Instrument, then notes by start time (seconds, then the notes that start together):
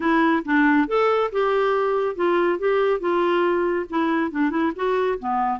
clarinet
0.00 E4
0.45 D4
0.87 A4
1.32 G4
2.15 F4
2.58 G4
2.99 F4
3.89 E4
4.31 D4
4.50 E4
4.75 F#4
5.19 B3